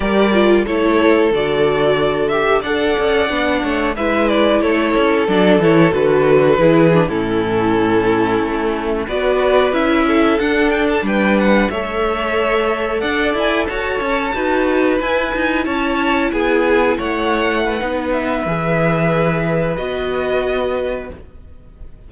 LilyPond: <<
  \new Staff \with { instrumentName = "violin" } { \time 4/4 \tempo 4 = 91 d''4 cis''4 d''4. e''8 | fis''2 e''8 d''8 cis''4 | d''8 cis''8 b'4.~ b'16 a'4~ a'16~ | a'4.~ a'16 d''4 e''4 fis''16~ |
fis''16 g''16 a''16 g''8 fis''8 e''2 fis''16~ | fis''16 gis''8 a''2 gis''4 a''16~ | a''8. gis''4 fis''4.~ fis''16 e''8~ | e''2 dis''2 | }
  \new Staff \with { instrumentName = "violin" } { \time 4/4 ais'4 a'2. | d''4. cis''8 b'4 a'4~ | a'2 gis'8. e'4~ e'16~ | e'4.~ e'16 b'4. a'8.~ |
a'8. b'4 cis''2 d''16~ | d''8. cis''4 b'2 cis''16~ | cis''8. gis'4 cis''4 b'4~ b'16~ | b'1 | }
  \new Staff \with { instrumentName = "viola" } { \time 4/4 g'8 f'8 e'4 fis'4. g'8 | a'4 d'4 e'2 | d'8 e'8 fis'4 e'8 d'16 cis'4~ cis'16~ | cis'4.~ cis'16 fis'4 e'4 d'16~ |
d'4.~ d'16 a'2~ a'16~ | a'4.~ a'16 fis'4 e'4~ e'16~ | e'2. dis'4 | gis'2 fis'2 | }
  \new Staff \with { instrumentName = "cello" } { \time 4/4 g4 a4 d2 | d'8 cis'8 b8 a8 gis4 a8 cis'8 | fis8 e8 d4 e8. a,4~ a,16~ | a,8. a4 b4 cis'4 d'16~ |
d'8. g4 a2 d'16~ | d'16 e'8 fis'8 cis'8 dis'4 e'8 dis'8 cis'16~ | cis'8. b4 a4~ a16 b4 | e2 b2 | }
>>